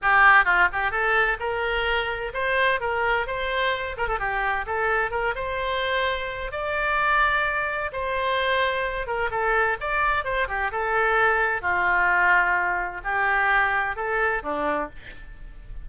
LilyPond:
\new Staff \with { instrumentName = "oboe" } { \time 4/4 \tempo 4 = 129 g'4 f'8 g'8 a'4 ais'4~ | ais'4 c''4 ais'4 c''4~ | c''8 ais'16 a'16 g'4 a'4 ais'8 c''8~ | c''2 d''2~ |
d''4 c''2~ c''8 ais'8 | a'4 d''4 c''8 g'8 a'4~ | a'4 f'2. | g'2 a'4 d'4 | }